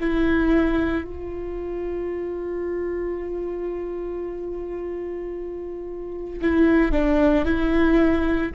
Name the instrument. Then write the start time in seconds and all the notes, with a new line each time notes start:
viola
0.00 E4
1.04 F4
6.41 E4
6.92 D4
7.45 E4